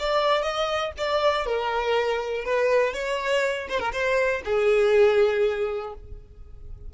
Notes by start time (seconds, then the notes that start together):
0.00 D5
0.43 D#5
0.98 D5
1.47 A#4
2.45 B4
2.94 C#5
3.69 C5
3.80 A#4
3.93 C5
4.45 G#4